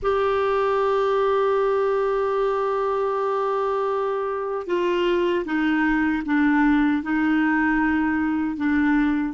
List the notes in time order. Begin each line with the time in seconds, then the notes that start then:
0.02 G4
4.66 F4
5.45 D#4
6.26 D4
7.02 D#4
8.56 D4